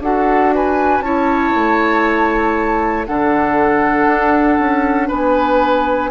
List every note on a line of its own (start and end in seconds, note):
0.00 1.00 D4
0.00 1.04 F#4
0.00 0.54 A4
0.00 0.54 F#5
0.55 1.05 B4
0.55 1.02 G#5
1.00 1.51 C#4
1.00 3.07 E4
1.00 3.08 C#5
1.00 3.06 A5
1.55 3.08 A3
3.06 4.07 D3
3.06 6.11 D4
3.06 5.08 A4
3.06 5.09 F#5
4.07 4.58 D4
4.59 5.10 C#4
5.08 6.11 B3
5.08 6.10 B4
5.08 6.11 G#5